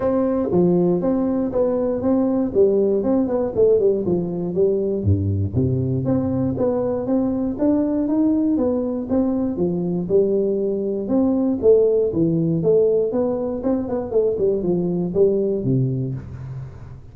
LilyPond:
\new Staff \with { instrumentName = "tuba" } { \time 4/4 \tempo 4 = 119 c'4 f4 c'4 b4 | c'4 g4 c'8 b8 a8 g8 | f4 g4 g,4 c4 | c'4 b4 c'4 d'4 |
dis'4 b4 c'4 f4 | g2 c'4 a4 | e4 a4 b4 c'8 b8 | a8 g8 f4 g4 c4 | }